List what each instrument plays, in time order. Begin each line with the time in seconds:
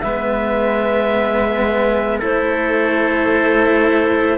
0.00 cello G#3 B3, trumpet B4, clarinet E5
2.19 cello A3 E4, trumpet A4, clarinet C5